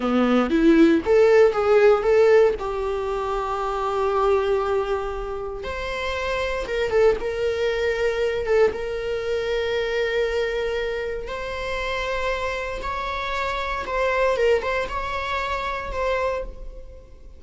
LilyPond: \new Staff \with { instrumentName = "viola" } { \time 4/4 \tempo 4 = 117 b4 e'4 a'4 gis'4 | a'4 g'2.~ | g'2. c''4~ | c''4 ais'8 a'8 ais'2~ |
ais'8 a'8 ais'2.~ | ais'2 c''2~ | c''4 cis''2 c''4 | ais'8 c''8 cis''2 c''4 | }